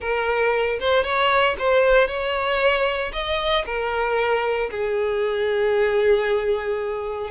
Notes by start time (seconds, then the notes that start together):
0.00 A#4
0.79 C5
1.03 C#5
1.58 C5
2.07 C#5
3.12 D#5
3.65 A#4
4.70 G#4